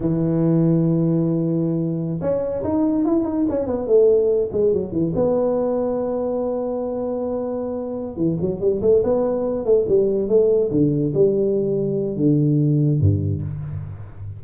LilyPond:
\new Staff \with { instrumentName = "tuba" } { \time 4/4 \tempo 4 = 143 e1~ | e4~ e16 cis'4 dis'4 e'8 dis'16~ | dis'16 cis'8 b8 a4. gis8 fis8 e16~ | e16 b2.~ b8.~ |
b2.~ b8 e8 | fis8 g8 a8 b4. a8 g8~ | g8 a4 d4 g4.~ | g4 d2 g,4 | }